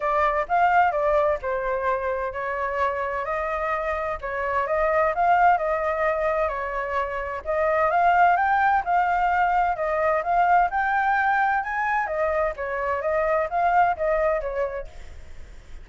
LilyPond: \new Staff \with { instrumentName = "flute" } { \time 4/4 \tempo 4 = 129 d''4 f''4 d''4 c''4~ | c''4 cis''2 dis''4~ | dis''4 cis''4 dis''4 f''4 | dis''2 cis''2 |
dis''4 f''4 g''4 f''4~ | f''4 dis''4 f''4 g''4~ | g''4 gis''4 dis''4 cis''4 | dis''4 f''4 dis''4 cis''4 | }